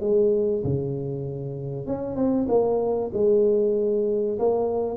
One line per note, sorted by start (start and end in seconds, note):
0.00 0.62 G#3
0.64 1.86 C#3
1.86 2.16 C#4
2.16 2.47 C4
2.48 3.11 A#3
3.13 4.38 G#3
4.39 4.96 A#3